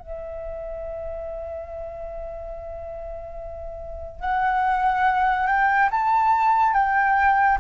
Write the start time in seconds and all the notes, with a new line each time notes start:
0.00 E5
4.21 F#5
5.47 G5
5.92 A5
6.74 G5